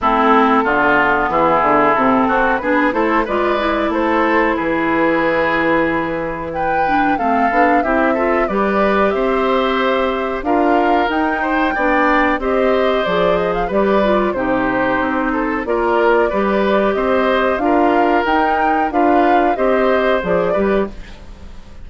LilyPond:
<<
  \new Staff \with { instrumentName = "flute" } { \time 4/4 \tempo 4 = 92 a'2 gis'4 a'4 | b'8 c''8 d''4 c''4 b'4~ | b'2 g''4 f''4 | e''4 d''4 e''2 |
f''4 g''2 dis''4 | d''8 dis''16 f''16 d''4 c''2 | d''2 dis''4 f''4 | g''4 f''4 dis''4 d''4 | }
  \new Staff \with { instrumentName = "oboe" } { \time 4/4 e'4 f'4 e'4. fis'8 | gis'8 a'8 b'4 a'4 gis'4~ | gis'2 b'4 a'4 | g'8 a'8 b'4 c''2 |
ais'4. c''8 d''4 c''4~ | c''4 b'4 g'4. a'8 | ais'4 b'4 c''4 ais'4~ | ais'4 b'4 c''4. b'8 | }
  \new Staff \with { instrumentName = "clarinet" } { \time 4/4 c'4 b2 c'4 | d'8 e'8 f'8 e'2~ e'8~ | e'2~ e'8 d'8 c'8 d'8 | e'8 f'8 g'2. |
f'4 dis'4 d'4 g'4 | gis'4 g'8 f'8 dis'2 | f'4 g'2 f'4 | dis'4 f'4 g'4 gis'8 g'8 | }
  \new Staff \with { instrumentName = "bassoon" } { \time 4/4 a4 d4 e8 d8 c8 c'8 | b8 a8 gis4 a4 e4~ | e2. a8 b8 | c'4 g4 c'2 |
d'4 dis'4 b4 c'4 | f4 g4 c4 c'4 | ais4 g4 c'4 d'4 | dis'4 d'4 c'4 f8 g8 | }
>>